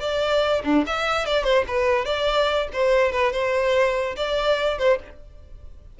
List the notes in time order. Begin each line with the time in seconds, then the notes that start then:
0.00 D5
0.64 D4
0.86 E5
1.26 D5
1.44 C5
1.67 B4
2.05 D5
2.73 C5
3.12 B4
3.32 C5
4.16 D5
4.78 C5